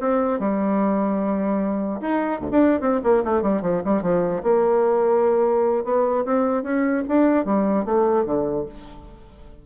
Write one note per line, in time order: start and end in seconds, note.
0.00 0.39 C4
0.39 2.00 G3
2.01 2.40 D#4
2.40 2.50 D2
2.51 2.80 D4
2.80 3.00 C4
3.03 3.23 A#3
3.24 3.42 A3
3.42 3.62 G3
3.62 3.82 F3
3.84 4.02 G3
4.02 4.42 F3
4.43 5.84 A#3
5.84 6.24 B3
6.25 6.63 C4
6.63 7.03 C#4
7.08 7.45 D4
7.45 7.85 G3
7.85 8.25 A3
8.25 8.65 D3